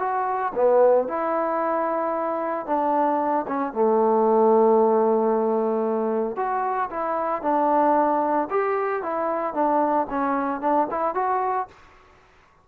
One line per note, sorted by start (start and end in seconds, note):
0.00 0.53 F#4
0.55 1.08 B3
1.08 2.66 E4
2.66 3.46 D4
3.48 3.73 C#4
3.73 6.37 A3
6.37 6.90 F#4
6.91 7.43 E4
7.43 8.49 D4
8.51 9.03 G4
9.03 9.54 E4
9.54 10.07 D4
10.10 10.61 C#4
10.61 10.88 D4
10.91 11.15 E4
11.15 11.68 F#4